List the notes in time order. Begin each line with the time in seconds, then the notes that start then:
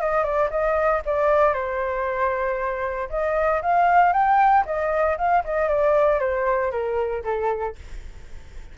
0.00 D#5
0.23 D5
0.50 D#5
1.06 D5
1.53 C5
3.10 D#5
3.62 F5
4.13 G5
4.66 D#5
5.17 F5
5.44 D#5
5.68 D5
6.20 C5
6.71 A#4
7.24 A4